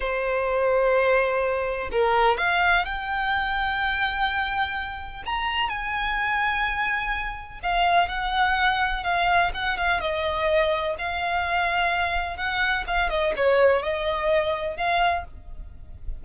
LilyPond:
\new Staff \with { instrumentName = "violin" } { \time 4/4 \tempo 4 = 126 c''1 | ais'4 f''4 g''2~ | g''2. ais''4 | gis''1 |
f''4 fis''2 f''4 | fis''8 f''8 dis''2 f''4~ | f''2 fis''4 f''8 dis''8 | cis''4 dis''2 f''4 | }